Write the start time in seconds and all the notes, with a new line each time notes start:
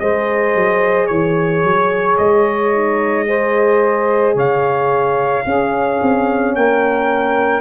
0.00 G#3 G#4 C5 D#5
0.55 F#3
1.07 E3 C#5
1.64 F#3
2.18 G#3 D#5
2.75 D#4
3.27 G#4 C5
4.35 C#3 C#5 F5
5.45 C#4 G#4
6.02 C4
6.55 A#3 A#4 G5